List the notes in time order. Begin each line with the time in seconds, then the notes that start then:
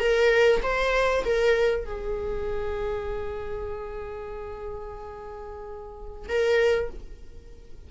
0.00 A#4
0.63 C5
1.25 A#4
1.85 G#4
6.29 A#4